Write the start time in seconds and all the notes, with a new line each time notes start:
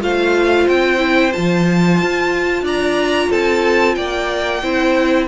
0.00 A3 F4 C5 F5
0.68 C4 G5
0.98 E4
1.31 F3 F4 A5
2.02 F4
2.62 D4 D5 A#5
3.30 C4 A4 A5
3.95 A#3 D5 G5
4.62 C4 E4 C5